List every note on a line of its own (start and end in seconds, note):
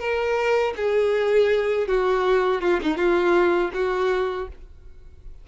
0.00 0.74 A#4
0.77 1.88 G#4
1.88 2.62 F#4
2.62 2.80 F4
2.83 2.97 D#4
2.97 3.71 F4
3.74 4.48 F#4